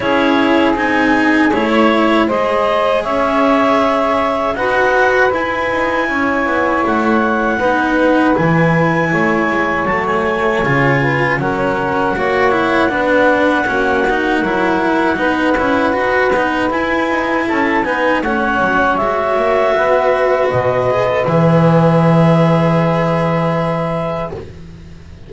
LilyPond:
<<
  \new Staff \with { instrumentName = "clarinet" } { \time 4/4 \tempo 4 = 79 cis''4 gis''4 cis''4 dis''4 | e''2 fis''4 gis''4~ | gis''4 fis''2 gis''4~ | gis''4 a''16 gis''4.~ gis''16 fis''4~ |
fis''1~ | fis''2 gis''4 a''8 gis''8 | fis''4 e''2 dis''4 | e''1 | }
  \new Staff \with { instrumentName = "saxophone" } { \time 4/4 gis'2~ gis'16 cis''8. c''4 | cis''2 b'2 | cis''2 b'2 | cis''2~ cis''8 b'8 ais'4 |
cis''4 b'4 fis'4 ais'4 | b'2. a'8 b'8 | cis''2 b'2~ | b'1 | }
  \new Staff \with { instrumentName = "cello" } { \time 4/4 e'4 dis'4 e'4 gis'4~ | gis'2 fis'4 e'4~ | e'2 dis'4 e'4~ | e'4 a4 f'4 cis'4 |
fis'8 e'8 d'4 cis'8 dis'8 e'4 | dis'8 e'8 fis'8 dis'8 e'4. dis'8 | cis'4 fis'2~ fis'8 gis'16 a'16 | gis'1 | }
  \new Staff \with { instrumentName = "double bass" } { \time 4/4 cis'4 c'4 a4 gis4 | cis'2 dis'4 e'8 dis'8 | cis'8 b8 a4 b4 e4 | a8 gis8 fis4 cis4 fis4 |
ais4 b4 ais4 fis4 | b8 cis'8 dis'8 b8 e'8 dis'8 cis'8 b8 | a8 fis8 gis8 ais8 b4 b,4 | e1 | }
>>